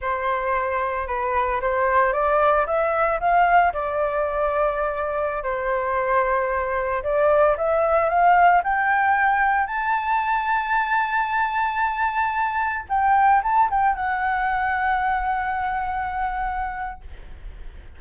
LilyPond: \new Staff \with { instrumentName = "flute" } { \time 4/4 \tempo 4 = 113 c''2 b'4 c''4 | d''4 e''4 f''4 d''4~ | d''2~ d''16 c''4.~ c''16~ | c''4~ c''16 d''4 e''4 f''8.~ |
f''16 g''2 a''4.~ a''16~ | a''1~ | a''16 g''4 a''8 g''8 fis''4.~ fis''16~ | fis''1 | }